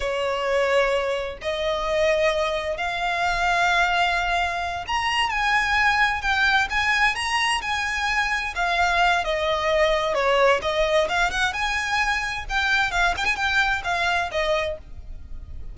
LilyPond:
\new Staff \with { instrumentName = "violin" } { \time 4/4 \tempo 4 = 130 cis''2. dis''4~ | dis''2 f''2~ | f''2~ f''8 ais''4 gis''8~ | gis''4. g''4 gis''4 ais''8~ |
ais''8 gis''2 f''4. | dis''2 cis''4 dis''4 | f''8 fis''8 gis''2 g''4 | f''8 g''16 gis''16 g''4 f''4 dis''4 | }